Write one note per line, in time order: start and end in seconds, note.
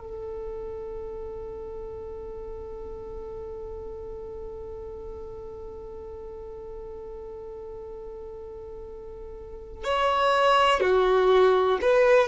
0.00 9.84 A4
9.84 10.80 C#5
10.80 11.79 F#4
11.81 12.28 B4